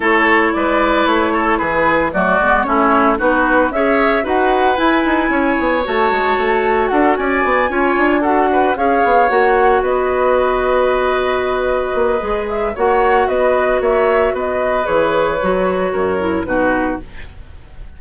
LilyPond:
<<
  \new Staff \with { instrumentName = "flute" } { \time 4/4 \tempo 4 = 113 cis''4 d''4 cis''4 b'4 | d''4 cis''4 b'4 e''4 | fis''4 gis''2 a''4~ | a''4 fis''8 gis''2 fis''8~ |
fis''8 f''4 fis''4 dis''4.~ | dis''2.~ dis''8 e''8 | fis''4 dis''4 e''4 dis''4 | cis''2. b'4 | }
  \new Staff \with { instrumentName = "oboe" } { \time 4/4 a'4 b'4. a'8 gis'4 | fis'4 e'4 fis'4 cis''4 | b'2 cis''2~ | cis''4 a'8 d''4 cis''4 a'8 |
b'8 cis''2 b'4.~ | b'1 | cis''4 b'4 cis''4 b'4~ | b'2 ais'4 fis'4 | }
  \new Staff \with { instrumentName = "clarinet" } { \time 4/4 e'1 | a8 b8 cis'4 dis'4 gis'4 | fis'4 e'2 fis'4~ | fis'2~ fis'8 f'4 fis'8~ |
fis'8 gis'4 fis'2~ fis'8~ | fis'2. gis'4 | fis'1 | gis'4 fis'4. e'8 dis'4 | }
  \new Staff \with { instrumentName = "bassoon" } { \time 4/4 a4 gis4 a4 e4 | fis8 gis8 a4 b4 cis'4 | dis'4 e'8 dis'8 cis'8 b8 a8 gis8 | a4 d'8 cis'8 b8 cis'8 d'4~ |
d'8 cis'8 b8 ais4 b4.~ | b2~ b8 ais8 gis4 | ais4 b4 ais4 b4 | e4 fis4 fis,4 b,4 | }
>>